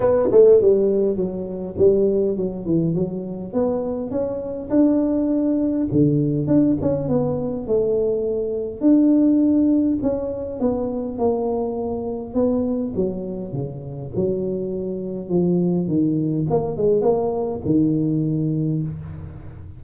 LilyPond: \new Staff \with { instrumentName = "tuba" } { \time 4/4 \tempo 4 = 102 b8 a8 g4 fis4 g4 | fis8 e8 fis4 b4 cis'4 | d'2 d4 d'8 cis'8 | b4 a2 d'4~ |
d'4 cis'4 b4 ais4~ | ais4 b4 fis4 cis4 | fis2 f4 dis4 | ais8 gis8 ais4 dis2 | }